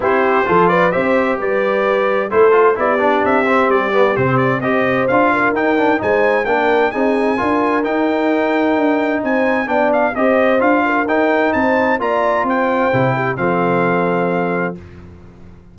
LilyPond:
<<
  \new Staff \with { instrumentName = "trumpet" } { \time 4/4 \tempo 4 = 130 c''4. d''8 e''4 d''4~ | d''4 c''4 d''4 e''4 | d''4 c''8 d''8 dis''4 f''4 | g''4 gis''4 g''4 gis''4~ |
gis''4 g''2. | gis''4 g''8 f''8 dis''4 f''4 | g''4 a''4 ais''4 g''4~ | g''4 f''2. | }
  \new Staff \with { instrumentName = "horn" } { \time 4/4 g'4 a'8 b'8 c''4 b'4~ | b'4 a'4 g'2~ | g'2 c''4. ais'8~ | ais'4 c''4 ais'4 gis'4 |
ais'1 | c''4 d''4 c''4. ais'8~ | ais'4 c''4 d''4 c''4~ | c''8 g'8 a'2. | }
  \new Staff \with { instrumentName = "trombone" } { \time 4/4 e'4 f'4 g'2~ | g'4 e'8 f'8 e'8 d'4 c'8~ | c'8 b8 c'4 g'4 f'4 | dis'8 d'8 dis'4 d'4 dis'4 |
f'4 dis'2.~ | dis'4 d'4 g'4 f'4 | dis'2 f'2 | e'4 c'2. | }
  \new Staff \with { instrumentName = "tuba" } { \time 4/4 c'4 f4 c'4 g4~ | g4 a4 b4 c'4 | g4 c4 c'4 d'4 | dis'4 gis4 ais4 c'4 |
d'4 dis'2 d'4 | c'4 b4 c'4 d'4 | dis'4 c'4 ais4 c'4 | c4 f2. | }
>>